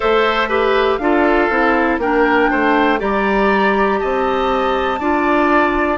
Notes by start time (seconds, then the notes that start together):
0.00 A3 A4 C5 E5
0.49 G4 B4
0.97 D4 F4 A4 F5
1.49 C4 E4
1.98 A#3 D4 A#4 G5
2.50 A3 C5
2.98 G3 G4 D5 A#5
3.98 C4 D#5 A5
4.99 D4 F4 D5